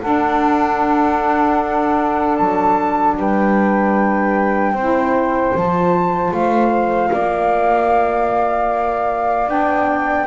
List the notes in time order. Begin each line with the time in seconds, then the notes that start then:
0.00 D4 A4 F#5
2.36 F#3 A5
3.17 G3 B4 G5
4.72 C4 C5
4.79 E4
5.54 F3 F4 A5
6.31 A3 F5
7.11 A#3 D5
9.46 B3 D4 G5